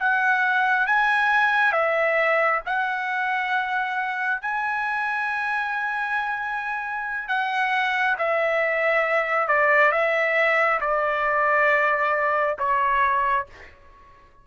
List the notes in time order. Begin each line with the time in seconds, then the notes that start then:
0.00 F#5
0.87 G#5
1.72 E5
2.66 F#5
4.42 G#5
7.28 F#5
8.19 E5
9.48 D5
9.92 E5
10.80 D5
12.59 C#5